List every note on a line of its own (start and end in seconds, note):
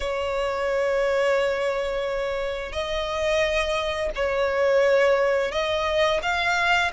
0.00 2.72 C#5
2.72 4.10 D#5
4.15 5.51 C#5
5.51 6.20 D#5
6.22 6.91 F5